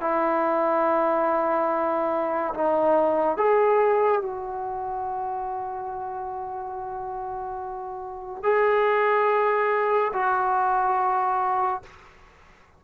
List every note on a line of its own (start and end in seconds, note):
0.00 2.54 E4
2.54 3.37 D#4
3.37 4.21 G#4
4.21 8.43 F#4
8.43 10.12 G#4
10.13 11.82 F#4